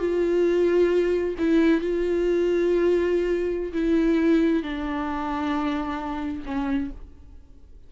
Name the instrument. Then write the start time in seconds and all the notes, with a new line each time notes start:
viola
0.00 F4
1.39 E4
1.81 F4
3.73 E4
4.63 D4
6.46 C#4